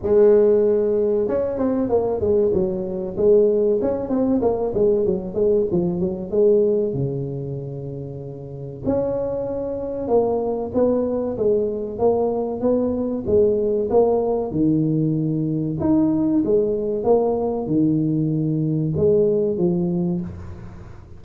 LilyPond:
\new Staff \with { instrumentName = "tuba" } { \time 4/4 \tempo 4 = 95 gis2 cis'8 c'8 ais8 gis8 | fis4 gis4 cis'8 c'8 ais8 gis8 | fis8 gis8 f8 fis8 gis4 cis4~ | cis2 cis'2 |
ais4 b4 gis4 ais4 | b4 gis4 ais4 dis4~ | dis4 dis'4 gis4 ais4 | dis2 gis4 f4 | }